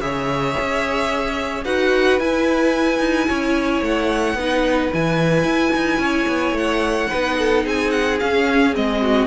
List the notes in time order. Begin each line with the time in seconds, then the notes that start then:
0.00 C#3 G#4 C#5 E5
0.60 C#4
1.64 D#4 F#4 B4 F#5
2.19 E4 G#5
2.99 D#4
3.27 C#4 C#5
3.82 A3 F#5
4.34 B3 D#4 B4
4.92 E3 E4 G#5
5.44 E4
5.75 D#4
5.98 C#4 C#5
6.28 B3
6.52 A3 F#5
7.09 B3 D#4 B4
7.38 A4
7.64 C4 G#4 G#5
7.90 F#5
8.19 C#4 F5
8.73 G#3 C4 D#5
9.01 F#4